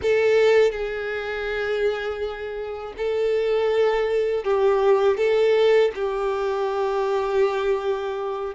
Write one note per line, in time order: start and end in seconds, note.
0.02 0.71 A4
0.71 2.93 G#4
2.97 4.43 A4
4.43 5.17 G4
5.17 5.91 A4
5.95 8.54 G4